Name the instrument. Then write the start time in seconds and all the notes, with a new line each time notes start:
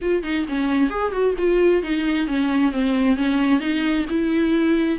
viola
0.01 F4
0.23 D#4
0.48 C#4
0.89 G#4
1.11 F#4
1.38 F4
1.82 D#4
2.27 C#4
2.71 C4
3.16 C#4
3.60 D#4
4.09 E4